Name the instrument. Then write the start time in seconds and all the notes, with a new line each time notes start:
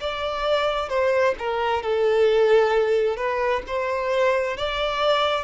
violin
0.00 D5
0.89 C5
1.38 A#4
1.83 A4
3.17 B4
3.67 C5
4.57 D5